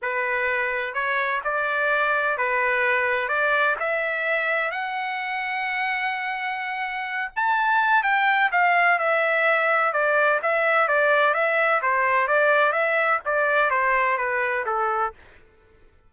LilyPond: \new Staff \with { instrumentName = "trumpet" } { \time 4/4 \tempo 4 = 127 b'2 cis''4 d''4~ | d''4 b'2 d''4 | e''2 fis''2~ | fis''2.~ fis''8 a''8~ |
a''4 g''4 f''4 e''4~ | e''4 d''4 e''4 d''4 | e''4 c''4 d''4 e''4 | d''4 c''4 b'4 a'4 | }